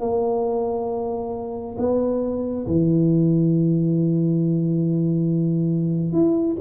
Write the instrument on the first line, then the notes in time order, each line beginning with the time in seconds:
tuba
0.00 A#3
1.78 B3
2.67 E3
6.12 E4